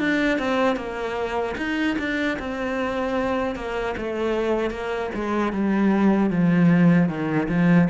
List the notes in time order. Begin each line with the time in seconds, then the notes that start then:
0.00 D4
0.39 C4
0.77 A#3
1.58 D#4
1.99 D4
2.39 C4
3.56 A#3
3.97 A3
4.71 A#3
5.15 G#3
5.53 G3
6.31 F3
7.09 D#3
7.49 F3